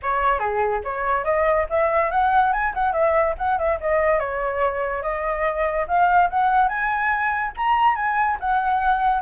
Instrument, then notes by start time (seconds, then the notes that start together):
flute
0.02 C#5
0.39 G#4
0.84 C#5
1.24 D#5
1.69 E5
2.10 F#5
2.52 G#5
2.74 F#5
2.93 E5
3.38 F#5
3.58 E5
3.80 D#5
4.19 C#5
5.02 D#5
5.87 F5
6.30 F#5
6.68 G#5
7.56 A#5
7.95 G#5
8.40 F#5